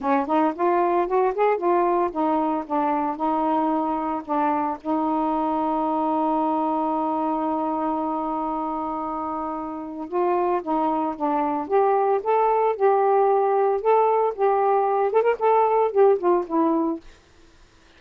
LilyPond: \new Staff \with { instrumentName = "saxophone" } { \time 4/4 \tempo 4 = 113 cis'8 dis'8 f'4 fis'8 gis'8 f'4 | dis'4 d'4 dis'2 | d'4 dis'2.~ | dis'1~ |
dis'2. f'4 | dis'4 d'4 g'4 a'4 | g'2 a'4 g'4~ | g'8 a'16 ais'16 a'4 g'8 f'8 e'4 | }